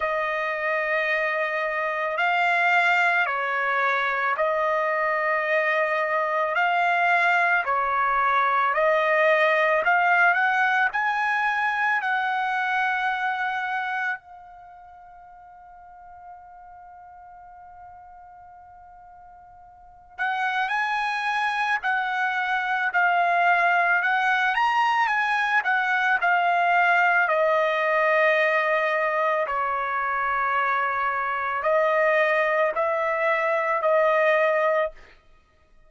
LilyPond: \new Staff \with { instrumentName = "trumpet" } { \time 4/4 \tempo 4 = 55 dis''2 f''4 cis''4 | dis''2 f''4 cis''4 | dis''4 f''8 fis''8 gis''4 fis''4~ | fis''4 f''2.~ |
f''2~ f''8 fis''8 gis''4 | fis''4 f''4 fis''8 ais''8 gis''8 fis''8 | f''4 dis''2 cis''4~ | cis''4 dis''4 e''4 dis''4 | }